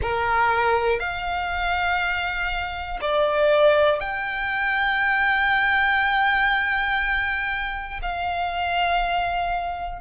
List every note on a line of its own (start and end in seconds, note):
0.01 1.00 A#4
1.00 3.00 F5
3.00 4.00 D5
4.00 8.00 G5
8.01 10.00 F5